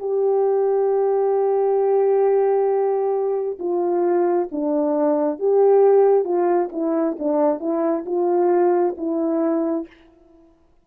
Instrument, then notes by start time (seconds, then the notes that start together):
horn
0.00 G4
3.59 F4
4.52 D4
5.39 G4
6.25 F4
6.72 E4
7.19 D4
7.60 E4
8.06 F4
8.97 E4